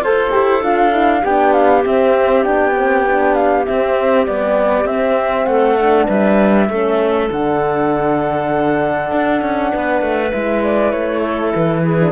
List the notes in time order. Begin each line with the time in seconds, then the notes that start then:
0.00 F4 A4 C5
0.31 E4 G4
0.63 D4 F4 F5
0.92 E4
1.22 B3 D4 G4 G5
1.53 F5
1.84 C4 E5
2.43 B3 D4 G5
2.75 C4
3.07 D4
3.34 F5
3.65 C4 E5
4.26 G3 B3 D5
4.85 C4 E5
5.46 A3 A4 F#5
5.78 D4
6.06 G3 B4 E5
6.69 A3 C#4 A4
7.29 D3 D4 F#5
9.12 D4
9.42 C#4
9.73 B3 B4
10.02 A3
10.32 G#3 E4 E5
10.63 D5
10.92 A3 C#5
11.21 A4
11.55 E3 B4
11.84 G#4
12.01 D4